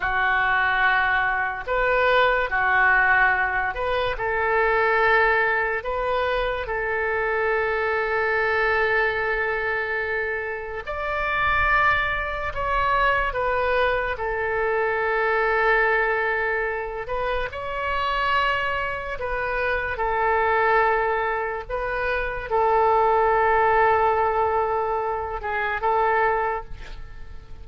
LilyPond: \new Staff \with { instrumentName = "oboe" } { \time 4/4 \tempo 4 = 72 fis'2 b'4 fis'4~ | fis'8 b'8 a'2 b'4 | a'1~ | a'4 d''2 cis''4 |
b'4 a'2.~ | a'8 b'8 cis''2 b'4 | a'2 b'4 a'4~ | a'2~ a'8 gis'8 a'4 | }